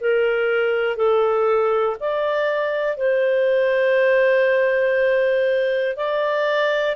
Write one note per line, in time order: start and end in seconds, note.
0.00 0.96 A#4
0.96 1.96 A4
2.00 2.96 D5
2.96 5.96 C5
5.96 6.95 D5